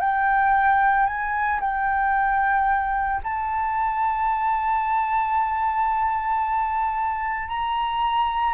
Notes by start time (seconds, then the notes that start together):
0.00 G5
1.06 G#5
1.60 G5
3.24 A5
7.49 A#5